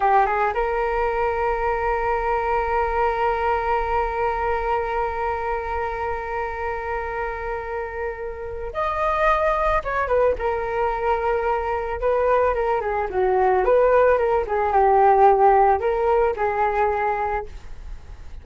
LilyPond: \new Staff \with { instrumentName = "flute" } { \time 4/4 \tempo 4 = 110 g'8 gis'8 ais'2.~ | ais'1~ | ais'1~ | ais'1 |
dis''2 cis''8 b'8 ais'4~ | ais'2 b'4 ais'8 gis'8 | fis'4 b'4 ais'8 gis'8 g'4~ | g'4 ais'4 gis'2 | }